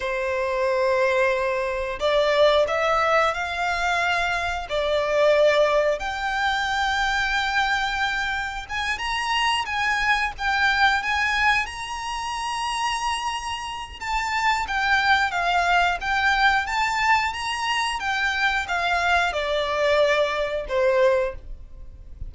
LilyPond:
\new Staff \with { instrumentName = "violin" } { \time 4/4 \tempo 4 = 90 c''2. d''4 | e''4 f''2 d''4~ | d''4 g''2.~ | g''4 gis''8 ais''4 gis''4 g''8~ |
g''8 gis''4 ais''2~ ais''8~ | ais''4 a''4 g''4 f''4 | g''4 a''4 ais''4 g''4 | f''4 d''2 c''4 | }